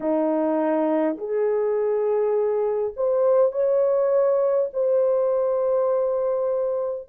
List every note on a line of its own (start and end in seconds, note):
0.00 1.17 D#4
1.17 2.94 G#4
2.96 3.52 C5
3.52 4.70 C#5
4.73 7.08 C5